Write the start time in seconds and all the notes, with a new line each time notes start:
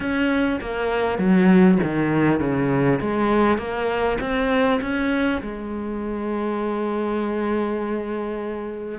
0.00 C#4
0.60 A#3
1.18 F#3
1.83 D#3
2.39 C#3
3.01 G#3
3.58 A#3
4.20 C4
4.81 C#4
5.41 G#3